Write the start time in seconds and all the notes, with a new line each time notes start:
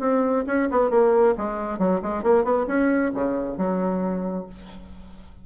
0.00 C4
0.47 C#4
0.71 B3
0.90 A#3
1.38 G#3
1.79 F#3
2.02 G#3
2.23 A#3
2.44 B3
2.67 C#4
3.14 C#3
3.58 F#3